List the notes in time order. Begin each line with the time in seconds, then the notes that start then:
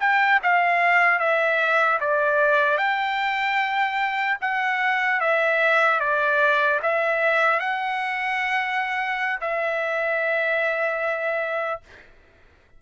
0.00 G5
0.43 F5
1.19 E5
2.00 D5
2.78 G5
4.41 F#5
5.20 E5
6.00 D5
6.82 E5
7.60 F#5
9.41 E5